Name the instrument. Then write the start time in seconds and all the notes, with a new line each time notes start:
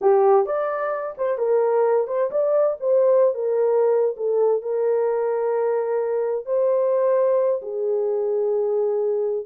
horn
0.01 G4
0.46 D5
1.17 C5
1.38 A#4
2.07 C5
2.30 D5
2.79 C5
3.34 A#4
4.16 A4
4.62 A#4
6.45 C5
7.62 G#4